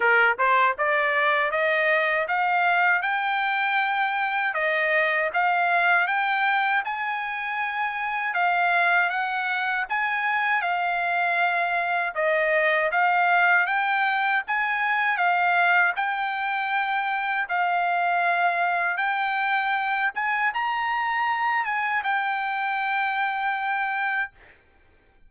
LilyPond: \new Staff \with { instrumentName = "trumpet" } { \time 4/4 \tempo 4 = 79 ais'8 c''8 d''4 dis''4 f''4 | g''2 dis''4 f''4 | g''4 gis''2 f''4 | fis''4 gis''4 f''2 |
dis''4 f''4 g''4 gis''4 | f''4 g''2 f''4~ | f''4 g''4. gis''8 ais''4~ | ais''8 gis''8 g''2. | }